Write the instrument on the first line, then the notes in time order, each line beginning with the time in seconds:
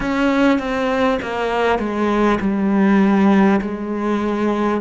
cello
0.00 C#4
0.58 C4
1.22 A#3
1.78 G#3
2.40 G3
3.61 G#3